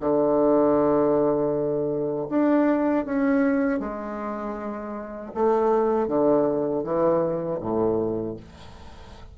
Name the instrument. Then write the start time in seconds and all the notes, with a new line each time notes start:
bassoon
0.00 D3
2.29 D4
3.05 C#4
3.79 G#3
5.34 A3
6.07 D3
6.83 E3
7.60 A2